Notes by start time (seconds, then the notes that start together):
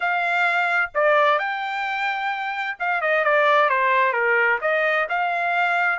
0.00 F5
0.94 D5
1.38 G5
2.79 F5
3.01 D#5
3.24 D5
3.69 C5
4.12 A#4
4.61 D#5
5.09 F5